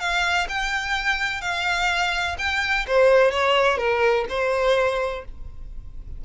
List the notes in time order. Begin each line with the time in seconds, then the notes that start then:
0.00 F5
0.49 G5
1.41 F5
2.39 G5
2.87 C5
3.32 C#5
3.78 A#4
4.30 C5